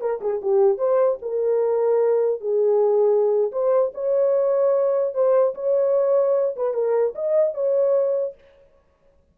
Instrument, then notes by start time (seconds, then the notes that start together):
horn
0.00 A#4
0.21 G#4
0.41 G4
0.78 C5
1.21 A#4
2.40 G#4
3.52 C5
3.94 C#5
5.14 C5
5.54 C#5
6.56 B4
6.74 A#4
7.15 D#5
7.54 C#5